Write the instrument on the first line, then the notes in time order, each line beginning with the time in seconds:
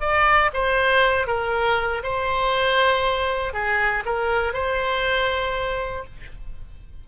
oboe
0.00 D5
0.53 C5
1.27 A#4
2.03 C5
3.53 G#4
4.05 A#4
4.53 C5